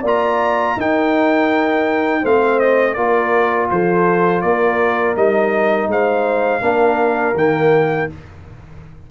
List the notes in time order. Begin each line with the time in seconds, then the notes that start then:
0.00 A#3 F4 D5
0.07 A#5
0.76 D#4 A#4 G5
2.21 A3 C4 C5 F5
2.59 D#5
2.94 A#3 F4 A#4 D5
3.70 F3 A4 C5
4.41 A#3 A#4 D5
5.16 G3 D#4 D#5
5.87 G#3 C5 F5
6.61 A#3 D4 A#4
7.34 D#3 A#3 G5